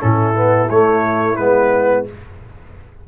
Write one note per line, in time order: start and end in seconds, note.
0.00 0.70 A2
0.00 0.34 C#4
0.00 2.08 E4
0.00 0.70 A4
0.34 0.68 B3
0.70 1.38 A3
0.70 1.37 A3
0.70 1.36 C#5
1.36 2.06 G#3
1.36 2.05 B3
1.36 2.04 B4